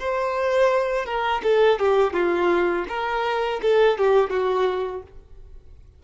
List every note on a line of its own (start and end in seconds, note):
0.00 1.06 C5
1.06 1.42 A#4
1.44 1.80 A4
1.80 2.14 G4
2.14 2.86 F4
2.89 3.61 A#4
3.62 3.98 A4
3.98 4.30 G4
4.30 5.03 F#4